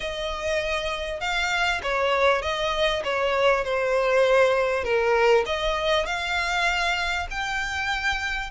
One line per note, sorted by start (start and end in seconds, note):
0.00 1.20 D#5
1.20 1.81 F5
1.82 2.42 C#5
2.42 3.02 D#5
3.03 3.64 C#5
3.64 4.83 C5
4.83 5.44 A#4
5.46 6.06 D#5
6.06 7.27 F5
7.30 8.50 G5